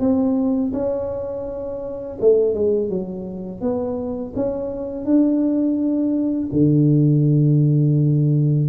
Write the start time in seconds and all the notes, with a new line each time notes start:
0.00 C4
0.73 C#4
2.21 A3
2.54 G#3
2.89 F#3
3.61 B3
4.36 C#4
5.05 D4
6.53 D3